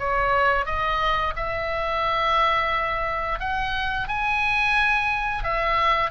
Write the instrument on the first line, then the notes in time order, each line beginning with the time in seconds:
oboe
0.00 C#5
0.66 D#5
1.37 E5
3.40 F#5
4.09 G#5
5.44 E5